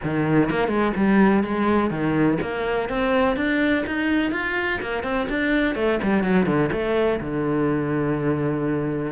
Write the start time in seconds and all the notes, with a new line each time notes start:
0.03 D#3
0.50 A#3
0.68 G#3
0.96 G3
1.43 G#3
1.90 D#3
2.41 A#3
2.89 C4
3.36 D4
3.86 D#4
4.31 F4
4.81 A#3
5.03 C4
5.29 D4
5.75 A3
6.02 G3
6.23 F#3
6.46 D3
6.72 A3
7.20 D3